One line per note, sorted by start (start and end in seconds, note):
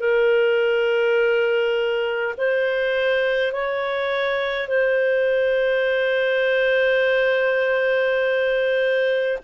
0.00 2.35 A#4
2.37 3.52 C5
3.52 4.68 C#5
4.68 9.39 C5